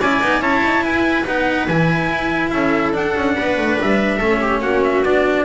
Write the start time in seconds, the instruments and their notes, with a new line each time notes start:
0.00 double bass C#4, cello E4, viola D5, trumpet G#5
0.22 double bass B3, cello D#4
0.41 double bass C#4, cello E4, viola C#5, trumpet A5
0.65 double bass D#4
0.84 double bass E4, viola B4, trumpet G#5
1.27 double bass B3, cello D#4, trumpet F#5
1.69 double bass E3, cello E4, trumpet G#5
2.10 double bass E4
2.51 double bass C#4, viola A4, trumpet E5
2.94 double bass D4, cello D4, trumpet F#5
3.17 double bass C#4
3.37 double bass B3, viola B4
3.58 double bass A3
3.82 double bass G3, trumpet E5
4.18 double bass A3, cello C#4, viola A4
4.42 viola G4
4.62 double bass A#3, viola F#4, trumpet F#5
4.84 trumpet E5
5.04 double bass B3, cello D4, trumpet D5